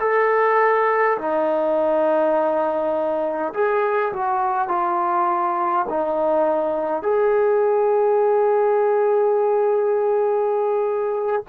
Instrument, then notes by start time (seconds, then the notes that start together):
trombone
0.00 A4
1.18 D#4
3.54 G#4
4.13 F#4
4.68 F4
5.89 D#4
7.03 G#4